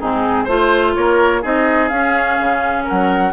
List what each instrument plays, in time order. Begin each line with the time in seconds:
0.00 bassoon G#2, clarinet C4, oboe D#4, flute G#4
0.45 bassoon A3, clarinet F4, oboe C5, flute C5
0.95 bassoon A#3, oboe A#4, flute C#5
1.42 bassoon C4, clarinet D#4, oboe G#4, flute D#5
1.88 bassoon C#4, clarinet C#4, flute F5
2.40 bassoon C#3
2.84 oboe A#4, flute F#5
2.91 bassoon F#3